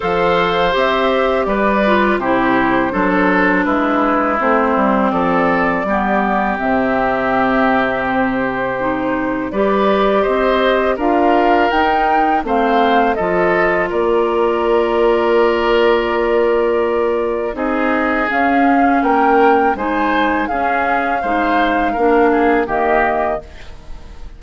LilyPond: <<
  \new Staff \with { instrumentName = "flute" } { \time 4/4 \tempo 4 = 82 f''4 e''4 d''4 c''4~ | c''4 b'4 c''4 d''4~ | d''4 e''2 c''4~ | c''4 d''4 dis''4 f''4 |
g''4 f''4 dis''4 d''4~ | d''1 | dis''4 f''4 g''4 gis''4 | f''2. dis''4 | }
  \new Staff \with { instrumentName = "oboe" } { \time 4/4 c''2 b'4 g'4 | a'4 e'2 a'4 | g'1~ | g'4 b'4 c''4 ais'4~ |
ais'4 c''4 a'4 ais'4~ | ais'1 | gis'2 ais'4 c''4 | gis'4 c''4 ais'8 gis'8 g'4 | }
  \new Staff \with { instrumentName = "clarinet" } { \time 4/4 a'4 g'4. f'8 e'4 | d'2 c'2 | b4 c'2. | dis'4 g'2 f'4 |
dis'4 c'4 f'2~ | f'1 | dis'4 cis'2 dis'4 | cis'4 dis'4 d'4 ais4 | }
  \new Staff \with { instrumentName = "bassoon" } { \time 4/4 f4 c'4 g4 c4 | fis4 gis4 a8 g8 f4 | g4 c2.~ | c4 g4 c'4 d'4 |
dis'4 a4 f4 ais4~ | ais1 | c'4 cis'4 ais4 gis4 | cis'4 gis4 ais4 dis4 | }
>>